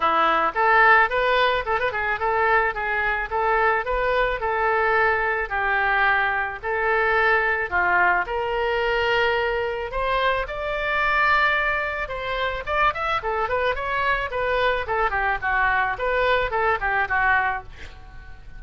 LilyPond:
\new Staff \with { instrumentName = "oboe" } { \time 4/4 \tempo 4 = 109 e'4 a'4 b'4 a'16 b'16 gis'8 | a'4 gis'4 a'4 b'4 | a'2 g'2 | a'2 f'4 ais'4~ |
ais'2 c''4 d''4~ | d''2 c''4 d''8 e''8 | a'8 b'8 cis''4 b'4 a'8 g'8 | fis'4 b'4 a'8 g'8 fis'4 | }